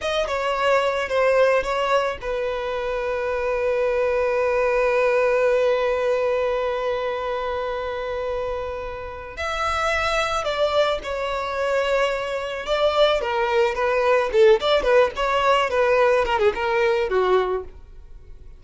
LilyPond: \new Staff \with { instrumentName = "violin" } { \time 4/4 \tempo 4 = 109 dis''8 cis''4. c''4 cis''4 | b'1~ | b'1~ | b'1~ |
b'4 e''2 d''4 | cis''2. d''4 | ais'4 b'4 a'8 d''8 b'8 cis''8~ | cis''8 b'4 ais'16 gis'16 ais'4 fis'4 | }